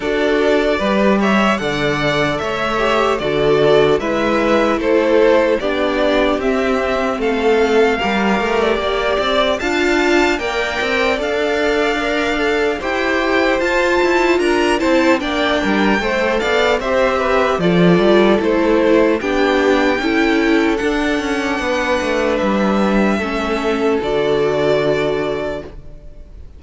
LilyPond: <<
  \new Staff \with { instrumentName = "violin" } { \time 4/4 \tempo 4 = 75 d''4. e''8 fis''4 e''4 | d''4 e''4 c''4 d''4 | e''4 f''4.~ f''16 d''4~ d''16 | a''4 g''4 f''2 |
g''4 a''4 ais''8 a''8 g''4~ | g''8 f''8 e''4 d''4 c''4 | g''2 fis''2 | e''2 d''2 | }
  \new Staff \with { instrumentName = "violin" } { \time 4/4 a'4 b'8 cis''8 d''4 cis''4 | a'4 b'4 a'4 g'4~ | g'4 a'4 ais'4 d''4 | f''4 d''2. |
c''2 ais'8 c''8 d''8 ais'8 | c''8 d''8 c''8 b'8 a'2 | g'4 a'2 b'4~ | b'4 a'2. | }
  \new Staff \with { instrumentName = "viola" } { \time 4/4 fis'4 g'4 a'4. g'8 | fis'4 e'2 d'4 | c'2 g'2 | f'4 ais'4 a'4 ais'8 a'8 |
g'4 f'4. e'8 d'4 | a'4 g'4 f'4 e'4 | d'4 e'4 d'2~ | d'4 cis'4 fis'2 | }
  \new Staff \with { instrumentName = "cello" } { \time 4/4 d'4 g4 d4 a4 | d4 gis4 a4 b4 | c'4 a4 g8 a8 ais8 c'8 | d'4 ais8 c'8 d'2 |
e'4 f'8 e'8 d'8 c'8 ais8 g8 | a8 b8 c'4 f8 g8 a4 | b4 cis'4 d'8 cis'8 b8 a8 | g4 a4 d2 | }
>>